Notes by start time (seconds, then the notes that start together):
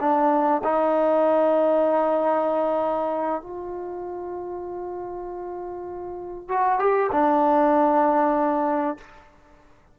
0.00 D4
0.64 D#4
3.42 F4
6.48 F#4
6.79 G4
7.12 D4